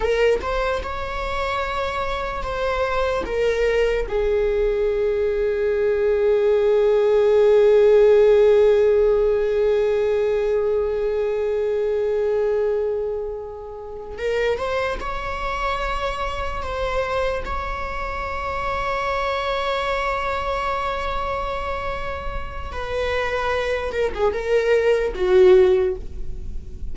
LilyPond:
\new Staff \with { instrumentName = "viola" } { \time 4/4 \tempo 4 = 74 ais'8 c''8 cis''2 c''4 | ais'4 gis'2.~ | gis'1~ | gis'1~ |
gis'4. ais'8 c''8 cis''4.~ | cis''8 c''4 cis''2~ cis''8~ | cis''1 | b'4. ais'16 gis'16 ais'4 fis'4 | }